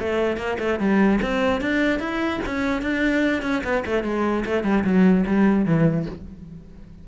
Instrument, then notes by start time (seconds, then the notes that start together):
cello
0.00 A3
0.38 A#3
0.60 A3
0.80 G3
1.22 C4
1.62 D4
2.00 E4
2.46 C#4
2.82 D4
3.43 C#4
3.64 B3
3.86 A3
4.04 G#3
4.46 A3
4.64 G3
4.84 F#3
5.27 G3
5.66 E3